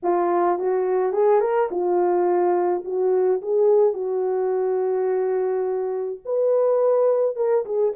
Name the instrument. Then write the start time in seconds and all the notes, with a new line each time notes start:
horn
0.02 F4
0.58 F#4
1.12 G#4
1.40 A#4
1.70 F4
2.84 F#4
3.41 G#4
3.93 F#4
6.25 B4
7.36 A#4
7.65 G#4